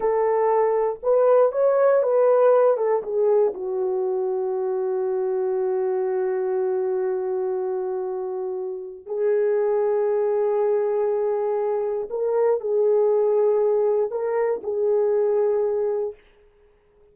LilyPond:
\new Staff \with { instrumentName = "horn" } { \time 4/4 \tempo 4 = 119 a'2 b'4 cis''4 | b'4. a'8 gis'4 fis'4~ | fis'1~ | fis'1~ |
fis'2 gis'2~ | gis'1 | ais'4 gis'2. | ais'4 gis'2. | }